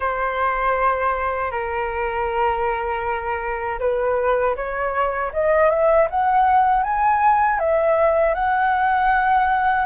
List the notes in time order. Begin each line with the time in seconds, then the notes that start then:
0.00 C5
1.51 A#4
3.79 B4
4.56 C#5
5.32 D#5
5.70 E5
6.10 F#5
6.83 G#5
7.59 E5
8.34 F#5